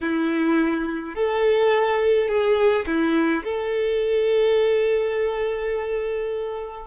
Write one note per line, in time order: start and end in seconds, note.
0.00 1.15 E4
1.15 2.28 A4
2.28 2.85 G#4
2.86 3.43 E4
3.44 6.86 A4